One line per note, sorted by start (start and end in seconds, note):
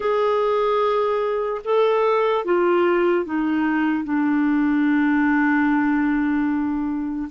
0.00 1.61 G#4
1.64 2.44 A4
2.44 3.25 F4
3.25 4.04 D#4
4.04 7.28 D4